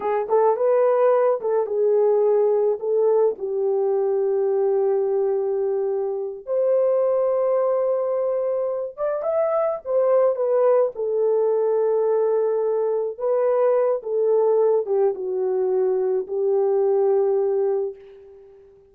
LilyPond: \new Staff \with { instrumentName = "horn" } { \time 4/4 \tempo 4 = 107 gis'8 a'8 b'4. a'8 gis'4~ | gis'4 a'4 g'2~ | g'2.~ g'8 c''8~ | c''1 |
d''8 e''4 c''4 b'4 a'8~ | a'2.~ a'8 b'8~ | b'4 a'4. g'8 fis'4~ | fis'4 g'2. | }